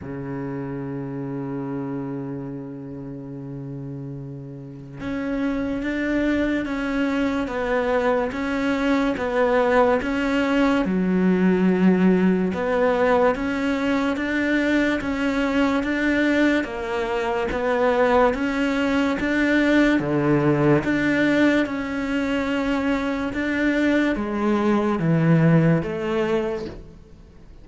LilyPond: \new Staff \with { instrumentName = "cello" } { \time 4/4 \tempo 4 = 72 cis1~ | cis2 cis'4 d'4 | cis'4 b4 cis'4 b4 | cis'4 fis2 b4 |
cis'4 d'4 cis'4 d'4 | ais4 b4 cis'4 d'4 | d4 d'4 cis'2 | d'4 gis4 e4 a4 | }